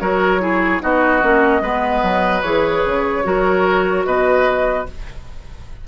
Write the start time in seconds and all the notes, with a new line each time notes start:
0.00 F#3 F#4 A#4 C#5
0.40 E4 G#4
0.80 B3 D#4 F#4 D#5
1.21 A#3 C#4
1.61 G#3 B3 B4
2.03 F#3
2.42 E3 G#4 C#5
2.85 C#3
3.24 F#3 F#4 A#4
4.05 B2 B4 D#5